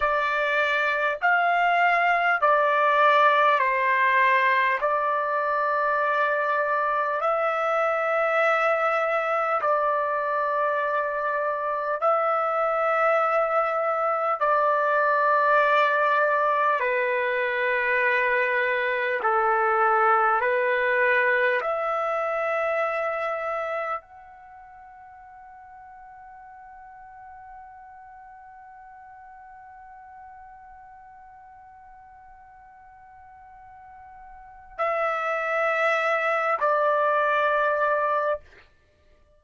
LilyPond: \new Staff \with { instrumentName = "trumpet" } { \time 4/4 \tempo 4 = 50 d''4 f''4 d''4 c''4 | d''2 e''2 | d''2 e''2 | d''2 b'2 |
a'4 b'4 e''2 | fis''1~ | fis''1~ | fis''4 e''4. d''4. | }